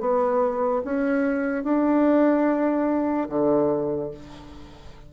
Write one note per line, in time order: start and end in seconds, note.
0.00 0.82 B3
0.84 1.64 C#4
1.64 3.28 D4
3.29 4.11 D3